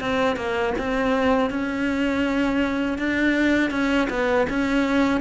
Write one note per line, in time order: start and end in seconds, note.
0.00 0.36 C4
0.36 0.73 A#3
0.78 1.50 C4
1.50 2.98 C#4
2.98 3.70 D4
3.70 4.07 C#4
4.09 4.46 B3
4.49 5.20 C#4